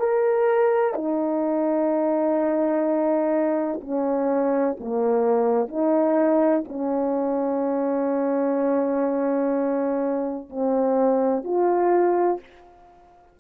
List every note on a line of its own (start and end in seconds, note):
0.00 0.95 A#4
0.95 3.81 D#4
3.81 4.77 C#4
4.81 5.68 A#3
5.68 6.64 D#4
6.69 10.50 C#4
10.50 11.45 C4
11.45 12.40 F4